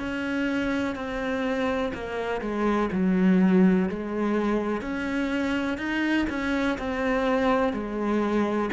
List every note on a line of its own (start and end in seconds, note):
0.00 0.96 C#4
0.96 1.93 C4
1.94 2.41 A#3
2.41 2.90 G#3
2.93 3.89 F#3
3.89 4.82 G#3
4.82 5.78 C#4
5.78 6.27 D#4
6.30 6.78 C#4
6.79 7.73 C4
7.73 8.70 G#3